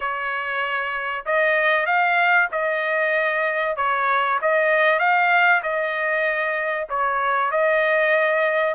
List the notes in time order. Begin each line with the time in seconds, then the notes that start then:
0.00 C#5
1.25 D#5
1.86 F5
2.51 D#5
3.76 C#5
4.41 D#5
4.99 F5
5.62 D#5
6.89 C#5
7.51 D#5